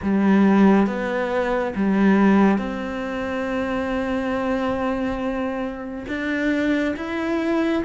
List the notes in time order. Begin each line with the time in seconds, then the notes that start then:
0.02 G3
0.87 B3
1.75 G3
2.57 C4
6.08 D4
6.96 E4